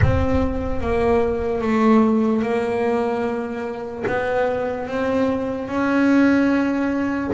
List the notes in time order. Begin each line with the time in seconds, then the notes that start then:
0.01 C4
0.81 A#3
1.61 A3
2.42 A#3
4.07 B3
4.86 C4
5.68 C#4